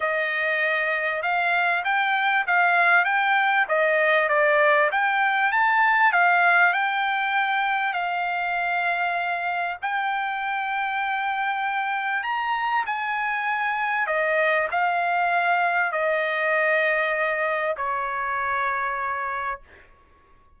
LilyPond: \new Staff \with { instrumentName = "trumpet" } { \time 4/4 \tempo 4 = 98 dis''2 f''4 g''4 | f''4 g''4 dis''4 d''4 | g''4 a''4 f''4 g''4~ | g''4 f''2. |
g''1 | ais''4 gis''2 dis''4 | f''2 dis''2~ | dis''4 cis''2. | }